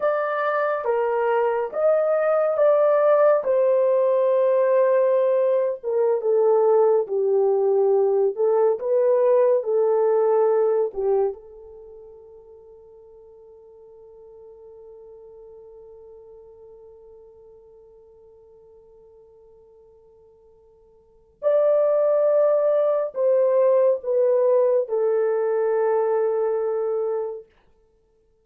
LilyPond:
\new Staff \with { instrumentName = "horn" } { \time 4/4 \tempo 4 = 70 d''4 ais'4 dis''4 d''4 | c''2~ c''8. ais'8 a'8.~ | a'16 g'4. a'8 b'4 a'8.~ | a'8. g'8 a'2~ a'8.~ |
a'1~ | a'1~ | a'4 d''2 c''4 | b'4 a'2. | }